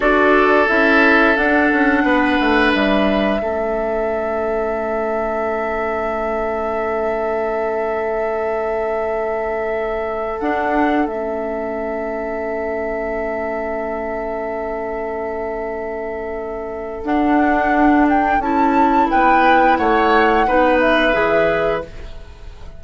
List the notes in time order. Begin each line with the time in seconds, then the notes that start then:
0.00 D4 F#4 A4 D5
0.68 C#4 E4 E5
1.36 D4 F#5
1.71 C#4
2.03 B3 B4
2.39 A3
2.73 G3 E5
3.39 A3 C#4 A4
10.40 D4 F#5
11.06 A3 C#4 E5
17.03 D4 F#5
18.09 G5
18.38 C#4 E4 A5
19.10 B3 B4 G5
19.77 A3 C#5 F#5
20.47 B3 D#4 B4
20.80 E5
21.12 E3 G#4